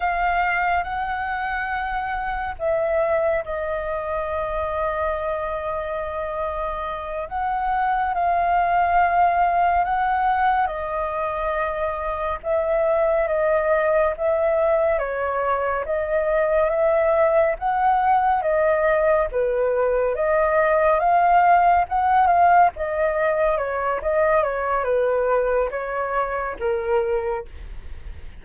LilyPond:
\new Staff \with { instrumentName = "flute" } { \time 4/4 \tempo 4 = 70 f''4 fis''2 e''4 | dis''1~ | dis''8 fis''4 f''2 fis''8~ | fis''8 dis''2 e''4 dis''8~ |
dis''8 e''4 cis''4 dis''4 e''8~ | e''8 fis''4 dis''4 b'4 dis''8~ | dis''8 f''4 fis''8 f''8 dis''4 cis''8 | dis''8 cis''8 b'4 cis''4 ais'4 | }